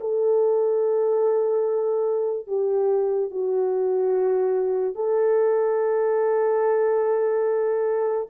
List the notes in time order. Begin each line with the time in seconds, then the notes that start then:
0.00 A4
2.47 G4
3.31 F#4
4.95 A4